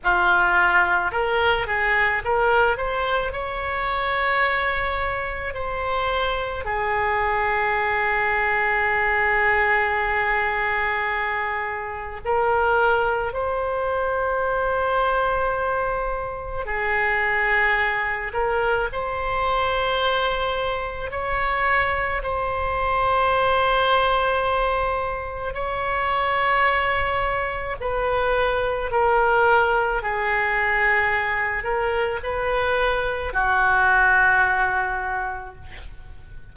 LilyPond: \new Staff \with { instrumentName = "oboe" } { \time 4/4 \tempo 4 = 54 f'4 ais'8 gis'8 ais'8 c''8 cis''4~ | cis''4 c''4 gis'2~ | gis'2. ais'4 | c''2. gis'4~ |
gis'8 ais'8 c''2 cis''4 | c''2. cis''4~ | cis''4 b'4 ais'4 gis'4~ | gis'8 ais'8 b'4 fis'2 | }